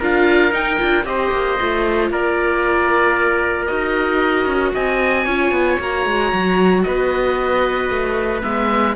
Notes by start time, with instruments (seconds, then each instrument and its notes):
0.00 cello D4, viola F4, trumpet A#4, oboe F5
0.51 viola D#4, cello D#4, oboe G5
0.78 cello D4, viola F4
1.05 cello C4, viola G4, trumpet C5, oboe D#5
1.32 cello A#3
1.60 cello A3, viola F4
2.10 cello A#3, trumpet A#4, oboe D5
3.66 cello D#4, viola F#4, oboe D#5
4.46 cello C#4
4.74 cello C4, trumpet D#5, oboe G#5
5.25 cello C#4, viola F4, trumpet C#5
5.52 cello B3
5.80 cello A#3, viola F#4, oboe A#5
6.06 cello G#3
6.33 cello F#3
6.83 cello B3, trumpet B4, oboe D#5
7.90 cello A3
8.42 cello G#3, viola B3, oboe E5